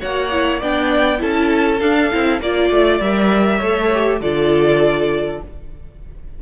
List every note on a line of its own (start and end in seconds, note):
0.00 0.62 A#3
0.00 0.30 F#4
0.00 0.59 C#5
0.00 0.60 F#5
0.32 0.61 E4
0.59 1.22 B3
0.59 1.18 D4
0.59 1.20 D5
0.59 1.22 G5
1.18 1.81 C#4
1.18 1.78 E4
1.18 2.41 A4
1.18 1.80 A5
1.80 2.11 D4
1.80 2.40 F5
2.11 2.40 C4
2.11 2.41 E4
2.40 2.70 A#3
2.40 3.02 F4
2.40 3.01 D5
2.40 3.57 D5
2.70 3.00 A3
3.00 3.60 G3
3.00 3.62 A#4
3.00 4.21 E5
3.57 4.20 A3
3.57 3.93 A4
3.57 4.17 C#5
3.93 4.22 G4
4.20 5.40 D3
4.20 5.42 F4
4.20 5.42 A4
4.20 5.41 D5